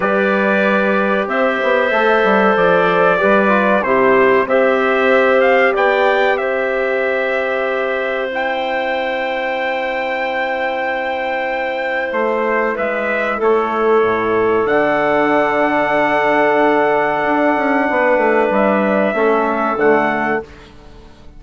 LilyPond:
<<
  \new Staff \with { instrumentName = "trumpet" } { \time 4/4 \tempo 4 = 94 d''2 e''2 | d''2 c''4 e''4~ | e''8 f''8 g''4 e''2~ | e''4 g''2.~ |
g''2. c''4 | e''4 cis''2 fis''4~ | fis''1~ | fis''4 e''2 fis''4 | }
  \new Staff \with { instrumentName = "clarinet" } { \time 4/4 b'2 c''2~ | c''4 b'4 g'4 c''4~ | c''4 d''4 c''2~ | c''1~ |
c''1 | b'4 a'2.~ | a'1 | b'2 a'2 | }
  \new Staff \with { instrumentName = "trombone" } { \time 4/4 g'2. a'4~ | a'4 g'8 f'8 e'4 g'4~ | g'1~ | g'4 e'2.~ |
e'1~ | e'2. d'4~ | d'1~ | d'2 cis'4 a4 | }
  \new Staff \with { instrumentName = "bassoon" } { \time 4/4 g2 c'8 b8 a8 g8 | f4 g4 c4 c'4~ | c'4 b4 c'2~ | c'1~ |
c'2. a4 | gis4 a4 a,4 d4~ | d2. d'8 cis'8 | b8 a8 g4 a4 d4 | }
>>